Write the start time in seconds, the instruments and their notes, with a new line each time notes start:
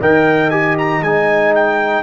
0.00 tuba D#3, trombone A#4, horn D#5, trumpet G5
0.50 trombone G4, trumpet G#5
0.78 trumpet A#5
1.01 tuba G#3, trombone D#4, trumpet G#5
1.55 trumpet G5